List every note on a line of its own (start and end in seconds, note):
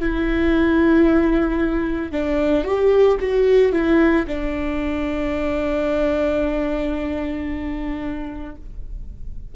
0.00 2.12 E4
2.12 2.64 D4
2.64 3.18 G4
3.20 3.73 F#4
3.73 4.26 E4
4.27 8.56 D4